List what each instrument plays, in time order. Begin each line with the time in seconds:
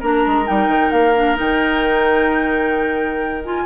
0.00 bassoon A#3, clarinet D4, oboe A#4, flute A#5
0.26 bassoon G#3
0.45 bassoon G3, clarinet D#4, flute G5
0.67 bassoon D#3
0.91 bassoon A#3, flute F5
1.15 clarinet D4
1.35 bassoon D#3, clarinet D#4, flute G5
3.44 clarinet F4, flute G#5